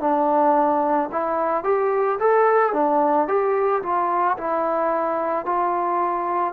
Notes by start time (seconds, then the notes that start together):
0.00 D4
1.12 E4
1.64 G4
2.19 A4
2.73 D4
3.28 G4
3.82 F4
4.37 E4
5.45 F4